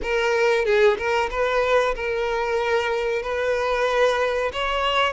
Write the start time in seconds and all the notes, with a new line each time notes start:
0.02 A#4
0.65 G#4
0.97 A#4
1.30 B4
1.95 A#4
3.22 B4
4.52 C#5